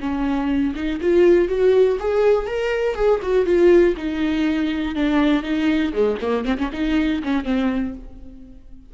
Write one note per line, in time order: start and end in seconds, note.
0.00 0.74 C#4
0.75 1.00 D#4
1.01 1.48 F4
1.48 1.98 F#4
2.00 2.47 G#4
2.47 2.95 A#4
2.95 3.20 G#4
3.22 3.46 F#4
3.46 3.95 F4
3.97 4.95 D#4
4.95 5.43 D4
5.43 5.92 D#4
5.93 6.18 G#3
6.21 6.45 A#3
6.45 6.57 C4
6.57 6.70 C#4
6.73 7.22 D#4
7.23 7.44 C#4
7.44 7.94 C4